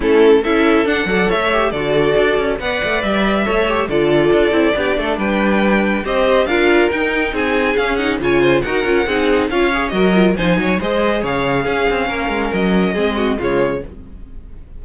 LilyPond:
<<
  \new Staff \with { instrumentName = "violin" } { \time 4/4 \tempo 4 = 139 a'4 e''4 fis''4 e''4 | d''2 fis''4 e''4~ | e''4 d''2. | g''2 dis''4 f''4 |
g''4 gis''4 f''8 fis''8 gis''4 | fis''2 f''4 dis''4 | gis''4 dis''4 f''2~ | f''4 dis''2 cis''4 | }
  \new Staff \with { instrumentName = "violin" } { \time 4/4 e'4 a'4. d''8 cis''4 | a'2 d''2 | cis''4 a'2 g'8 a'8 | b'2 c''4 ais'4~ |
ais'4 gis'2 cis''8 c''8 | ais'4 gis'4 cis''4 ais'4 | c''8 cis''8 c''4 cis''4 gis'4 | ais'2 gis'8 fis'8 f'4 | }
  \new Staff \with { instrumentName = "viola" } { \time 4/4 cis'4 e'4 d'8 a'4 g'8 | fis'2 b'2 | a'8 g'8 f'4. e'8 d'4~ | d'2 g'4 f'4 |
dis'2 cis'8 dis'8 f'4 | fis'8 f'8 dis'4 f'8 gis'8 fis'8 f'8 | dis'4 gis'2 cis'4~ | cis'2 c'4 gis4 | }
  \new Staff \with { instrumentName = "cello" } { \time 4/4 a4 cis'4 d'8 fis8 a4 | d4 d'8 cis'8 b8 a8 g4 | a4 d4 d'8 c'8 b8 a8 | g2 c'4 d'4 |
dis'4 c'4 cis'4 cis4 | dis'8 cis'8 c'4 cis'4 fis4 | f8 fis8 gis4 cis4 cis'8 c'8 | ais8 gis8 fis4 gis4 cis4 | }
>>